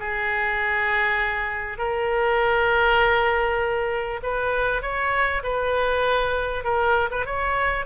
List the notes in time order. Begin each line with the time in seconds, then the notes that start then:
0.00 G#4
1.79 A#4
4.23 B4
4.82 C#5
5.44 B4
6.64 A#4
7.11 B4
7.26 C#5